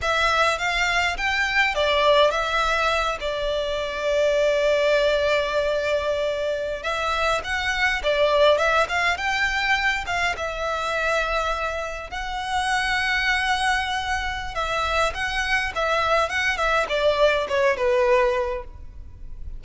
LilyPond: \new Staff \with { instrumentName = "violin" } { \time 4/4 \tempo 4 = 103 e''4 f''4 g''4 d''4 | e''4. d''2~ d''8~ | d''2.~ d''8. e''16~ | e''8. fis''4 d''4 e''8 f''8 g''16~ |
g''4~ g''16 f''8 e''2~ e''16~ | e''8. fis''2.~ fis''16~ | fis''4 e''4 fis''4 e''4 | fis''8 e''8 d''4 cis''8 b'4. | }